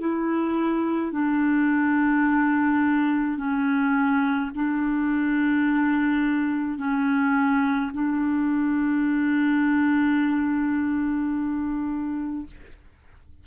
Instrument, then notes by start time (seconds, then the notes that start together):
clarinet
0.00 E4
1.12 D4
3.38 C#4
4.55 D4
6.78 C#4
7.93 D4